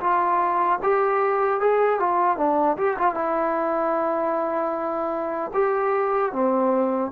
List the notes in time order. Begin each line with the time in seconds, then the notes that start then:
0.00 F4
0.83 G4
1.60 G#4
2.00 F4
2.38 D4
2.77 G4
2.99 F4
3.14 E4
5.54 G4
6.32 C4